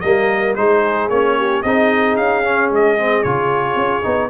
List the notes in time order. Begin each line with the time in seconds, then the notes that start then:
0.00 G3 A#3 A#4 D#5
0.55 G#3 D#4 G#4 C5
1.09 A#3 C#4 C#5
1.38 G4
1.62 C4 D#4 G#4 D#5
2.16 C#4 F5
2.44 C#4
2.71 G#3 D#5
2.98 C4
3.23 C#3 F4 C#5
3.75 C#4
4.03 B3 D#4